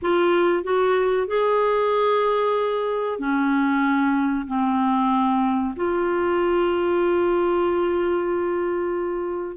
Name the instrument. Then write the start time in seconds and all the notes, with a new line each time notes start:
clarinet
0.01 F4
0.63 F#4
1.27 G#4
3.19 C#4
4.47 C4
5.76 F4